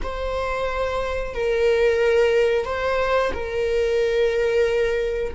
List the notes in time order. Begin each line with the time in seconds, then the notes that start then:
0.02 C5
1.34 A#4
2.65 C5
3.33 A#4